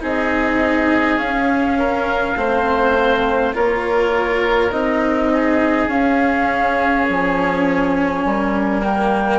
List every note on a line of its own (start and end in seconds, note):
0.00 1.19 C4
0.00 1.17 D#4
0.00 1.79 G#4
0.00 1.19 D#5
1.17 2.35 C#4
1.17 2.36 C#4
1.17 3.54 F5
1.79 2.37 A#4
2.36 3.54 A3
2.36 3.53 C4
2.36 3.55 C5
3.53 4.72 A#3
3.53 4.71 F4
3.53 5.32 A#4
3.53 4.72 C#5
4.72 5.87 C4
4.72 5.90 D#4
4.72 5.89 D#5
5.34 8.26 G#4
5.87 7.05 C#4
5.87 8.82 C#4
5.87 7.08 F5
7.09 8.25 F3
7.09 8.85 G#5
8.25 9.40 G3
8.25 9.40 A#4
8.82 9.40 A#3
8.82 9.40 G5